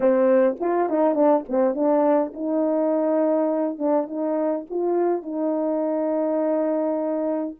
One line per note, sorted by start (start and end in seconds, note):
0.00 0.56 C4
0.60 0.89 F4
0.89 1.15 D#4
1.15 1.44 D4
1.48 1.74 C4
1.74 2.32 D4
2.33 3.78 D#4
3.78 4.07 D4
4.07 4.65 D#4
4.69 5.22 F4
5.22 7.55 D#4